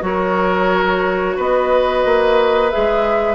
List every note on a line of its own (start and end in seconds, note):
0.00 1.37 F#3
0.00 2.70 F#4
0.00 1.36 A#4
0.00 1.39 C#5
1.36 2.05 B3
1.36 3.35 B4
1.36 2.71 D#5
2.05 2.72 A#3
2.71 3.35 G#4
2.71 3.35 E5
2.77 3.35 G#3